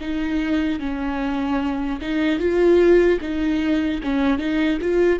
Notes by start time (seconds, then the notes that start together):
0.00 D#4
0.79 C#4
2.01 D#4
2.39 F4
3.20 D#4
4.03 C#4
4.38 D#4
4.81 F4